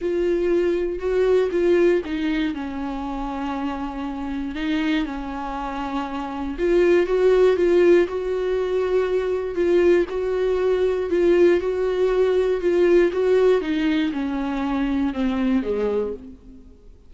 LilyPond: \new Staff \with { instrumentName = "viola" } { \time 4/4 \tempo 4 = 119 f'2 fis'4 f'4 | dis'4 cis'2.~ | cis'4 dis'4 cis'2~ | cis'4 f'4 fis'4 f'4 |
fis'2. f'4 | fis'2 f'4 fis'4~ | fis'4 f'4 fis'4 dis'4 | cis'2 c'4 gis4 | }